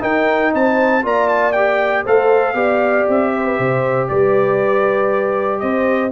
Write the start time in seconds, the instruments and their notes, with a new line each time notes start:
0.00 trombone D#4, tuba D#4, horn A#4, trumpet G5
0.53 tuba C4, horn C5, trumpet A5
1.02 tuba A#3, trombone F4, horn D5, trumpet A#5
1.28 trumpet A5
1.52 trombone G4, trumpet G5
2.04 tuba A3, trombone A4, horn C5, trumpet F5
2.54 tuba B3, trombone G4, horn D5
3.09 tuba C4, trumpet E5
3.36 horn C5
3.46 horn B4
3.58 tuba C3, horn C5
4.08 tuba G3, horn B4, trumpet D5
5.59 tuba C4, horn C5, trumpet D#5